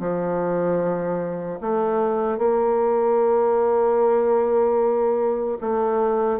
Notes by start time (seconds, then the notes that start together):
0.00 F3
1.61 A3
2.39 A#3
5.61 A3